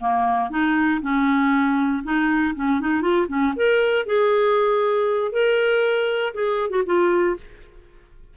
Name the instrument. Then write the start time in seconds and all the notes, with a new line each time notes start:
clarinet
0.00 A#3
0.50 D#4
1.02 C#4
2.04 D#4
2.55 C#4
2.81 D#4
3.02 F4
3.28 C#4
3.56 A#4
4.06 G#4
5.32 A#4
6.34 G#4
6.70 F#4
6.86 F4